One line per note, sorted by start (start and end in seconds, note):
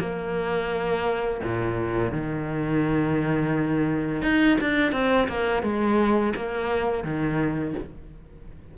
0.00 1.41 A#3
1.43 2.12 A#2
2.12 4.23 D#3
4.23 4.58 D#4
4.61 4.93 D4
4.93 5.28 C4
5.28 5.63 A#3
5.63 6.33 G#3
6.36 7.04 A#3
7.04 7.75 D#3